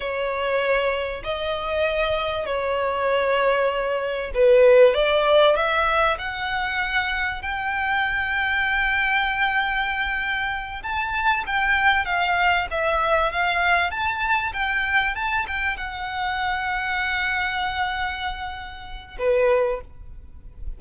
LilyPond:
\new Staff \with { instrumentName = "violin" } { \time 4/4 \tempo 4 = 97 cis''2 dis''2 | cis''2. b'4 | d''4 e''4 fis''2 | g''1~ |
g''4. a''4 g''4 f''8~ | f''8 e''4 f''4 a''4 g''8~ | g''8 a''8 g''8 fis''2~ fis''8~ | fis''2. b'4 | }